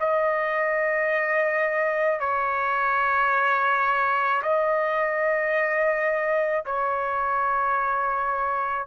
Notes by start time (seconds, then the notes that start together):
0.00 D#5
2.20 C#5
4.42 D#5
6.66 C#5